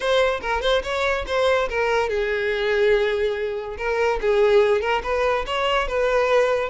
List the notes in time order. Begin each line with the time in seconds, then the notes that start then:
0.00 C5
0.41 A#4
0.61 C5
0.83 C#5
1.27 C5
1.69 A#4
2.09 G#4
3.77 A#4
4.21 G#4
4.81 A#4
5.03 B4
5.46 C#5
5.87 B4